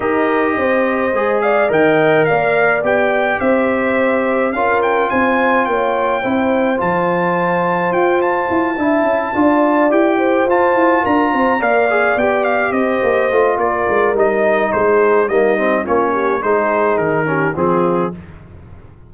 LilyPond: <<
  \new Staff \with { instrumentName = "trumpet" } { \time 4/4 \tempo 4 = 106 dis''2~ dis''8 f''8 g''4 | f''4 g''4 e''2 | f''8 g''8 gis''4 g''2 | a''2 g''8 a''4.~ |
a''4. g''4 a''4 ais''8~ | ais''8 f''4 g''8 f''8 dis''4. | d''4 dis''4 c''4 dis''4 | cis''4 c''4 ais'4 gis'4 | }
  \new Staff \with { instrumentName = "horn" } { \time 4/4 ais'4 c''4. d''8 dis''4 | d''2 c''2 | ais'4 c''4 cis''4 c''4~ | c''2.~ c''8 e''8~ |
e''8 d''4. c''4. ais'8 | c''8 d''2 c''4. | ais'2 gis'4 dis'4 | f'8 g'8 gis'4. g'8 f'4 | }
  \new Staff \with { instrumentName = "trombone" } { \time 4/4 g'2 gis'4 ais'4~ | ais'4 g'2. | f'2. e'4 | f'2.~ f'8 e'8~ |
e'8 f'4 g'4 f'4.~ | f'8 ais'8 gis'8 g'2 f'8~ | f'4 dis'2 ais8 c'8 | cis'4 dis'4. cis'8 c'4 | }
  \new Staff \with { instrumentName = "tuba" } { \time 4/4 dis'4 c'4 gis4 dis4 | ais4 b4 c'2 | cis'4 c'4 ais4 c'4 | f2 f'4 e'8 d'8 |
cis'8 d'4 e'4 f'8 e'8 d'8 | c'8 ais4 b4 c'8 ais8 a8 | ais8 gis8 g4 gis4 g4 | ais4 gis4 dis4 f4 | }
>>